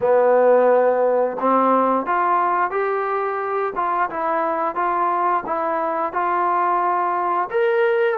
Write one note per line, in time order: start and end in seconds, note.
0.00 1.37 B3
1.39 2.05 C4
2.05 2.71 F4
2.71 3.73 G4
3.75 4.09 F4
4.09 4.75 E4
4.75 5.43 F4
5.45 6.12 E4
6.12 7.49 F4
7.50 8.18 A#4